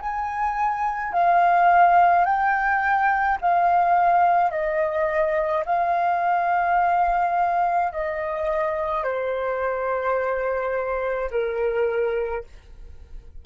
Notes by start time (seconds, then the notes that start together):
0.00 G#5
1.13 F5
2.24 G5
3.41 F5
4.50 D#5
5.66 F5
7.92 D#5
9.04 C5
11.31 A#4